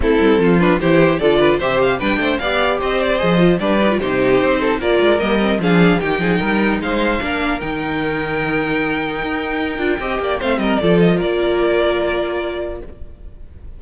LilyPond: <<
  \new Staff \with { instrumentName = "violin" } { \time 4/4 \tempo 4 = 150 a'4. b'8 c''4 d''4 | e''8 f''8 g''4 f''4 dis''8 d''8 | dis''4 d''4 c''2 | d''4 dis''4 f''4 g''4~ |
g''4 f''2 g''4~ | g''1~ | g''2 f''8 dis''8 d''8 dis''8 | d''1 | }
  \new Staff \with { instrumentName = "violin" } { \time 4/4 e'4 f'4 g'4 a'8 b'8 | c''4 b'8 c''8 d''4 c''4~ | c''4 b'4 g'4. a'8 | ais'2 gis'4 g'8 gis'8 |
ais'4 c''4 ais'2~ | ais'1~ | ais'4 dis''8 d''8 c''8 ais'8 a'4 | ais'1 | }
  \new Staff \with { instrumentName = "viola" } { \time 4/4 c'4. d'8 e'4 f'4 | g'4 d'4 g'2 | gis'8 f'8 d'8 dis'16 f'16 dis'2 | f'4 ais8 c'8 d'4 dis'4~ |
dis'2 d'4 dis'4~ | dis'1~ | dis'8 f'8 g'4 c'4 f'4~ | f'1 | }
  \new Staff \with { instrumentName = "cello" } { \time 4/4 a8 g8 f4 e4 d4 | c4 g8 a8 b4 c'4 | f4 g4 c4 c'4 | ais8 gis8 g4 f4 dis8 f8 |
g4 gis4 ais4 dis4~ | dis2. dis'4~ | dis'8 d'8 c'8 ais8 a8 g8 f4 | ais1 | }
>>